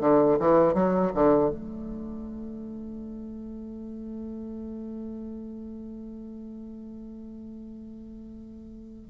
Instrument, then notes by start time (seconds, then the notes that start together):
bassoon
0.00 D3
0.39 E3
0.74 F#3
1.15 D3
1.50 A3